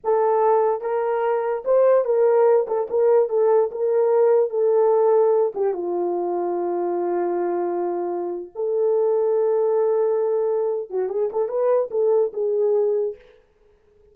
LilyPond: \new Staff \with { instrumentName = "horn" } { \time 4/4 \tempo 4 = 146 a'2 ais'2 | c''4 ais'4. a'8 ais'4 | a'4 ais'2 a'4~ | a'4. g'8 f'2~ |
f'1~ | f'8. a'2.~ a'16~ | a'2~ a'8 fis'8 gis'8 a'8 | b'4 a'4 gis'2 | }